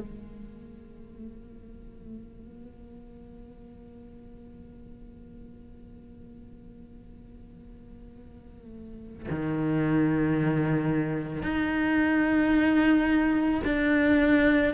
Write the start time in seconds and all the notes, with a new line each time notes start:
0.00 A#3
9.31 D#3
11.43 D#4
13.65 D4